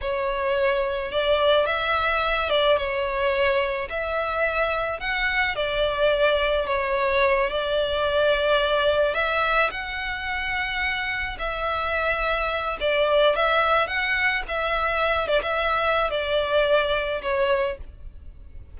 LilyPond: \new Staff \with { instrumentName = "violin" } { \time 4/4 \tempo 4 = 108 cis''2 d''4 e''4~ | e''8 d''8 cis''2 e''4~ | e''4 fis''4 d''2 | cis''4. d''2~ d''8~ |
d''8 e''4 fis''2~ fis''8~ | fis''8 e''2~ e''8 d''4 | e''4 fis''4 e''4. d''16 e''16~ | e''4 d''2 cis''4 | }